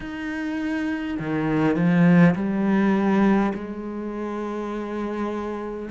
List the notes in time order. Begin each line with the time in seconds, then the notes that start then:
0.00 D#4
1.19 D#3
1.75 F3
2.35 G3
3.54 G#3